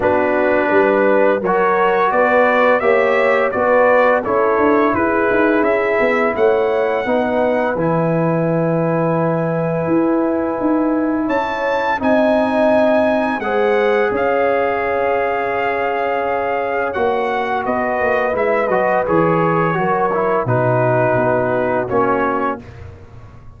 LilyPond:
<<
  \new Staff \with { instrumentName = "trumpet" } { \time 4/4 \tempo 4 = 85 b'2 cis''4 d''4 | e''4 d''4 cis''4 b'4 | e''4 fis''2 gis''4~ | gis''1 |
a''4 gis''2 fis''4 | f''1 | fis''4 dis''4 e''8 dis''8 cis''4~ | cis''4 b'2 cis''4 | }
  \new Staff \with { instrumentName = "horn" } { \time 4/4 fis'4 b'4 ais'4 b'4 | cis''4 b'4 a'4 gis'4~ | gis'4 cis''4 b'2~ | b'1 |
cis''4 dis''2 c''4 | cis''1~ | cis''4 b'2. | ais'4 fis'2. | }
  \new Staff \with { instrumentName = "trombone" } { \time 4/4 d'2 fis'2 | g'4 fis'4 e'2~ | e'2 dis'4 e'4~ | e'1~ |
e'4 dis'2 gis'4~ | gis'1 | fis'2 e'8 fis'8 gis'4 | fis'8 e'8 dis'2 cis'4 | }
  \new Staff \with { instrumentName = "tuba" } { \time 4/4 b4 g4 fis4 b4 | ais4 b4 cis'8 d'8 e'8 dis'8 | cis'8 b8 a4 b4 e4~ | e2 e'4 dis'4 |
cis'4 c'2 gis4 | cis'1 | ais4 b8 ais8 gis8 fis8 e4 | fis4 b,4 b4 ais4 | }
>>